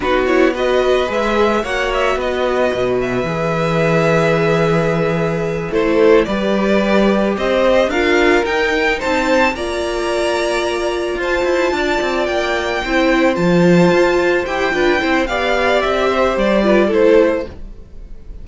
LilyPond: <<
  \new Staff \with { instrumentName = "violin" } { \time 4/4 \tempo 4 = 110 b'8 cis''8 dis''4 e''4 fis''8 e''8 | dis''4. e''2~ e''8~ | e''2~ e''8 c''4 d''8~ | d''4. dis''4 f''4 g''8~ |
g''8 a''4 ais''2~ ais''8~ | ais''8 a''2 g''4.~ | g''8 a''2 g''4. | f''4 e''4 d''4 c''4 | }
  \new Staff \with { instrumentName = "violin" } { \time 4/4 fis'4 b'2 cis''4 | b'1~ | b'2~ b'8 a'4 b'8~ | b'4. c''4 ais'4.~ |
ais'8 c''4 d''2~ d''8~ | d''8 c''4 d''2 c''8~ | c''2. b'8 c''8 | d''4. c''4 b'8 a'4 | }
  \new Staff \with { instrumentName = "viola" } { \time 4/4 dis'8 e'8 fis'4 gis'4 fis'4~ | fis'2 gis'2~ | gis'2~ gis'8 e'4 g'8~ | g'2~ g'8 f'4 dis'8~ |
dis'4. f'2~ f'8~ | f'2.~ f'8 e'8~ | e'8 f'2 g'8 f'8 e'8 | g'2~ g'8 f'8 e'4 | }
  \new Staff \with { instrumentName = "cello" } { \time 4/4 b2 gis4 ais4 | b4 b,4 e2~ | e2~ e8 a4 g8~ | g4. c'4 d'4 dis'8~ |
dis'8 c'4 ais2~ ais8~ | ais8 f'8 e'8 d'8 c'8 ais4 c'8~ | c'8 f4 f'4 e'8 d'8 c'8 | b4 c'4 g4 a4 | }
>>